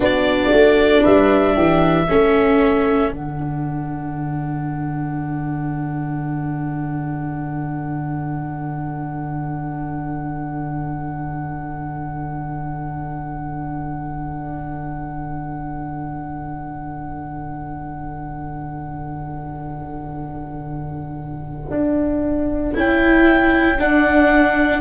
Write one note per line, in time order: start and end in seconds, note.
0.00 0.51 B3
0.00 2.05 D4
0.00 1.02 F#4
0.00 1.04 D5
0.52 1.03 A3
1.02 1.56 G3
1.02 1.53 B4
1.02 3.11 E5
1.55 2.08 E3
1.55 2.06 G4
2.06 3.10 A3
2.06 3.12 C#4
2.06 24.81 A4
3.10 21.70 D3
3.10 22.74 D4
3.10 22.77 F#5
21.70 22.73 D4
22.74 23.80 C#4
22.74 23.77 E4
22.74 23.80 G5
23.78 24.81 D4
23.78 24.81 F#5